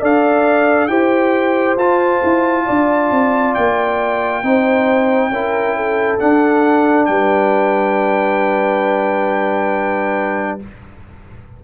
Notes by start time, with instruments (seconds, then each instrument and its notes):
0.00 tuba D4, trombone A4, horn D5, trumpet F5
0.87 tuba E4, trombone G4, horn C5, trumpet G5
1.76 tuba F4, trombone F4, trumpet A5
2.23 tuba E4
2.65 tuba D4, horn D5
3.11 tuba C4
3.54 tuba A#3, trumpet G5
4.42 tuba C4, trombone D#4, horn C5
5.29 tuba C#4, trombone E4, horn A#4
5.76 horn A4
6.18 trombone D4, tuba D4, trumpet F#5
7.05 tuba G3, horn B4, trumpet G5